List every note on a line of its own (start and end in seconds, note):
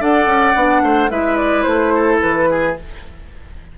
0.00 0.26 D4
0.00 0.55 A4
0.00 0.83 D5
0.00 1.10 F#5
0.26 0.54 C#4
0.55 0.82 B3
0.55 1.10 D4
0.82 1.10 A3
0.82 1.11 C5
1.10 1.65 G#3
1.10 2.75 E4
1.10 1.93 B4
1.10 1.37 E5
1.37 1.62 D5
1.62 2.21 A3
1.62 2.17 C5
1.94 2.50 A4
2.21 2.78 E3
2.21 2.76 B4
2.50 2.78 G#4